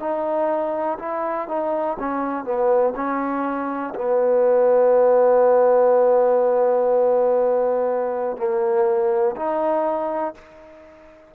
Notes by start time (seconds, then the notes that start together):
0.00 D#4
0.99 E4
1.48 D#4
1.99 C#4
2.45 B3
2.96 C#4
3.95 B3
8.37 A#3
9.36 D#4